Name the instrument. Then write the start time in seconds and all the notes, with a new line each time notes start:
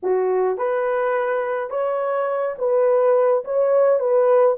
horn
0.03 F#4
0.57 B4
1.69 C#5
2.58 B4
3.44 C#5
3.99 B4